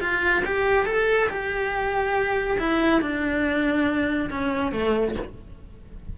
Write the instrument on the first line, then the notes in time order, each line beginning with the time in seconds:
cello
0.00 F4
0.45 G4
0.86 A4
1.29 G4
2.59 E4
3.01 D4
4.30 C#4
4.72 A3